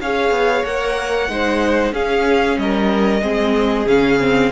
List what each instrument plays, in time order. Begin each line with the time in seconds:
0.00 cello C#4, viola G#4, violin C#5 F5
0.31 cello B3
0.65 cello A#3, viola A#4, violin F#5
1.29 cello G#3, viola D#4, violin C5
1.92 cello C#4, viola C#4, violin G#4 F5
2.57 cello G3, violin A#4 D#5
3.22 cello G#3, viola C4, violin G#4
3.86 cello C#3, viola C#4, violin F5
4.20 viola C4